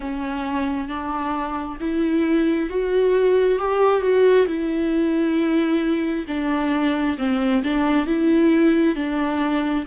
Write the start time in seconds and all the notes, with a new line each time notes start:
0.00 C#4
0.88 D4
1.80 E4
2.69 F#4
3.58 G4
4.01 F#4
4.46 E4
6.27 D4
7.18 C4
7.63 D4
8.06 E4
8.96 D4